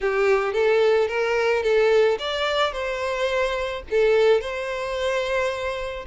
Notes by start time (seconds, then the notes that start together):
0.01 G4
0.53 A4
1.08 A#4
1.62 A4
2.18 D5
2.72 C5
3.90 A4
4.40 C5